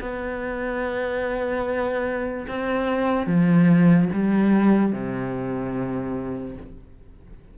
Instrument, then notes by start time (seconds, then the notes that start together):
cello
0.00 B3
2.48 C4
3.27 F3
4.13 G3
4.93 C3